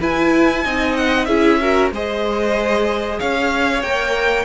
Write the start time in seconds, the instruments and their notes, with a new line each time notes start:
0.00 viola E4, cello E4, violin B4 G#5
0.64 cello C4, viola D#4, violin D#5
0.97 violin F#5
1.25 cello C#4, viola E4, violin G#4 E5
1.61 viola F#4, violin A#4
1.92 cello G#3, viola G#4, violin C5 D#5
3.20 cello C#4, violin C#5 F5
3.82 cello A#3, viola A#4, violin G5